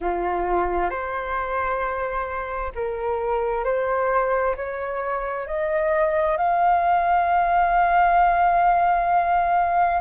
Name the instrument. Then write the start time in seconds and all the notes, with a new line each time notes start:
flute
0.00 F4
0.90 C5
2.75 A#4
3.64 C5
4.56 C#5
5.46 D#5
6.37 F5